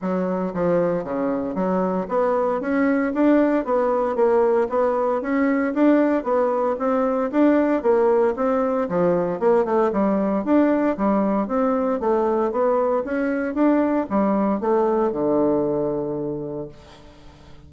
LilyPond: \new Staff \with { instrumentName = "bassoon" } { \time 4/4 \tempo 4 = 115 fis4 f4 cis4 fis4 | b4 cis'4 d'4 b4 | ais4 b4 cis'4 d'4 | b4 c'4 d'4 ais4 |
c'4 f4 ais8 a8 g4 | d'4 g4 c'4 a4 | b4 cis'4 d'4 g4 | a4 d2. | }